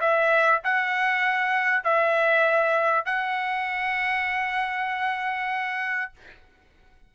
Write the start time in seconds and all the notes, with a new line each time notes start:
0.00 E5
0.63 F#5
1.83 E5
3.05 F#5